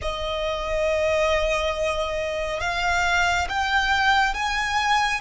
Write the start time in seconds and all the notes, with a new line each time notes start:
0.01 D#5
2.60 F5
3.49 G5
4.34 G#5